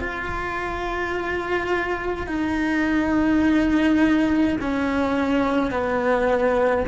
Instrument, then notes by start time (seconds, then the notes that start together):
cello
0.00 F4
2.27 D#4
4.61 C#4
5.71 B3